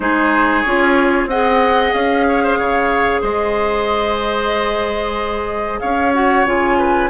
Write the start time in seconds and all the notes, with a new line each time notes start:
0.00 G#3 D#4 G#4 C5
0.61 C#4 F4 C#5
1.26 C4 G#4 D#5 F#5
1.93 C#4 F5
2.27 C#5
2.43 C5
2.58 C#3 C#5
3.21 G#3 C5 D#5
5.80 C#4 C#5 F5
6.13 F#4 F#5
6.45 C#3 F4 G#5
6.78 B4